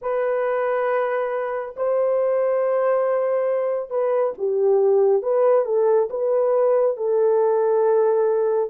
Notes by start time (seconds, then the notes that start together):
0.01 B4
1.76 C5
3.89 B4
4.38 G4
5.22 B4
5.65 A4
6.09 B4
6.96 A4